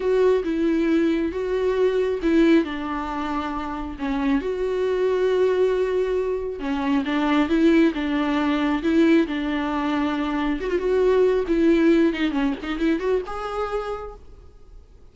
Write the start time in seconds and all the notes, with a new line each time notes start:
0.00 F#4
0.44 E4
1.31 F#4
2.22 E4
2.64 D4
3.98 C#4
4.41 F#4
6.59 C#4
7.05 D4
7.48 E4
7.94 D4
8.82 E4
9.27 D4
10.60 F#4
10.70 F4
10.78 F#4
11.47 E4
12.13 D#4
12.31 C#4
12.62 D#4
12.79 E4
12.99 F#4
13.26 G#4